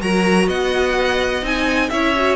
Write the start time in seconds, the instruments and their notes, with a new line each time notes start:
0.00 cello F#3, viola F#4, violin A#4 A#5
0.48 cello B3, violin D#5 F#5
1.43 cello C4, viola D#4, violin G#5
1.90 cello C#4, viola E4, violin C#5 E5
2.16 viola F#4